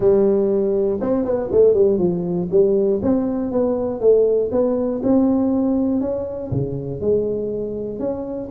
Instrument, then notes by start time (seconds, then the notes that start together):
tuba
0.00 G3
1.00 C4
1.24 B3
1.51 A3
1.74 G3
1.98 F3
2.50 G3
3.02 C4
3.51 B3
4.00 A3
4.51 B3
5.03 C4
6.00 C#4
6.51 C#3
7.00 G#3
7.99 C#4